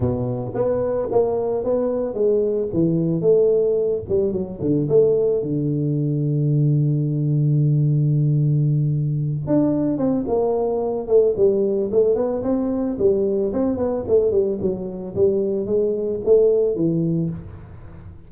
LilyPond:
\new Staff \with { instrumentName = "tuba" } { \time 4/4 \tempo 4 = 111 b,4 b4 ais4 b4 | gis4 e4 a4. g8 | fis8 d8 a4 d2~ | d1~ |
d4. d'4 c'8 ais4~ | ais8 a8 g4 a8 b8 c'4 | g4 c'8 b8 a8 g8 fis4 | g4 gis4 a4 e4 | }